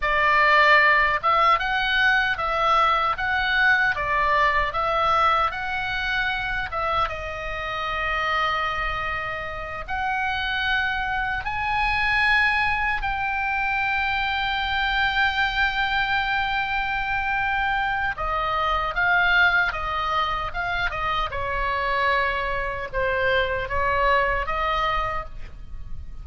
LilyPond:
\new Staff \with { instrumentName = "oboe" } { \time 4/4 \tempo 4 = 76 d''4. e''8 fis''4 e''4 | fis''4 d''4 e''4 fis''4~ | fis''8 e''8 dis''2.~ | dis''8 fis''2 gis''4.~ |
gis''8 g''2.~ g''8~ | g''2. dis''4 | f''4 dis''4 f''8 dis''8 cis''4~ | cis''4 c''4 cis''4 dis''4 | }